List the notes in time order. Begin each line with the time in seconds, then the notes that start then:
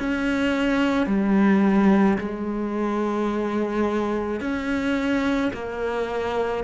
0.00 C#4
1.07 G3
2.19 G#3
4.41 C#4
5.54 A#3